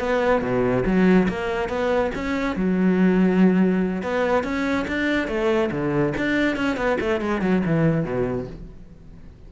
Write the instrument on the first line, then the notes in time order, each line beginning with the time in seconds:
cello
0.00 B3
0.42 B2
0.86 F#3
1.28 A#3
1.69 B3
2.15 C#4
2.56 F#3
4.03 B3
4.44 C#4
4.88 D4
5.28 A3
5.72 D3
6.18 D4
6.57 C#4
6.77 B3
7.01 A3
7.21 G#3
7.42 F#3
7.66 E3
8.05 B2